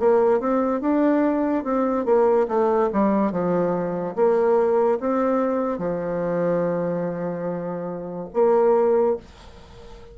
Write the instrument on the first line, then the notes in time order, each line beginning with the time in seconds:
bassoon
0.00 A#3
0.41 C4
0.81 D4
1.65 C4
2.06 A#3
2.48 A3
2.93 G3
3.32 F3
4.16 A#3
5.00 C4
5.79 F3
8.34 A#3